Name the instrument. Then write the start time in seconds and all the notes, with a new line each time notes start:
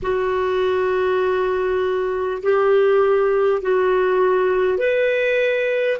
clarinet
0.02 F#4
2.42 G4
3.62 F#4
4.78 B4